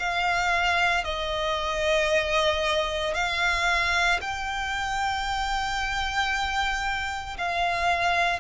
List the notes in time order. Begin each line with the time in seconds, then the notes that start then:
0.00 F5
1.04 D#5
3.15 F5
4.22 G5
7.38 F5